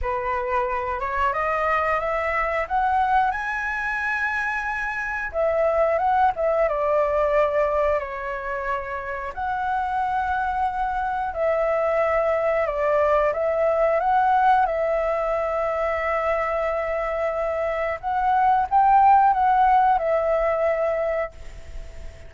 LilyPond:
\new Staff \with { instrumentName = "flute" } { \time 4/4 \tempo 4 = 90 b'4. cis''8 dis''4 e''4 | fis''4 gis''2. | e''4 fis''8 e''8 d''2 | cis''2 fis''2~ |
fis''4 e''2 d''4 | e''4 fis''4 e''2~ | e''2. fis''4 | g''4 fis''4 e''2 | }